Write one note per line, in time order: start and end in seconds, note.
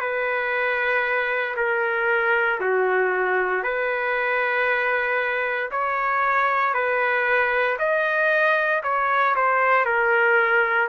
0.00 1.55 B4
1.57 2.60 A#4
2.61 3.63 F#4
3.63 5.70 B4
5.71 6.74 C#5
6.74 7.77 B4
7.79 8.83 D#5
8.84 9.35 C#5
9.36 9.85 C5
9.85 10.89 A#4